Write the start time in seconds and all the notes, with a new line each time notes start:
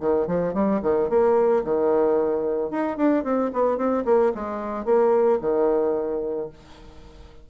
0.00 D#3
0.27 F3
0.54 G3
0.82 D#3
1.09 A#3
1.64 D#3
2.71 D#4
2.97 D4
3.24 C4
3.53 B3
3.77 C4
4.05 A#3
4.34 G#3
4.85 A#3
5.41 D#3